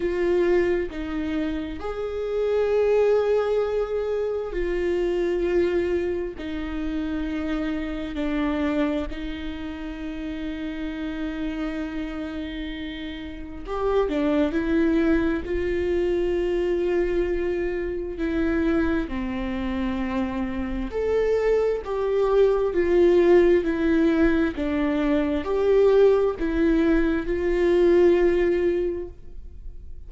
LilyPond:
\new Staff \with { instrumentName = "viola" } { \time 4/4 \tempo 4 = 66 f'4 dis'4 gis'2~ | gis'4 f'2 dis'4~ | dis'4 d'4 dis'2~ | dis'2. g'8 d'8 |
e'4 f'2. | e'4 c'2 a'4 | g'4 f'4 e'4 d'4 | g'4 e'4 f'2 | }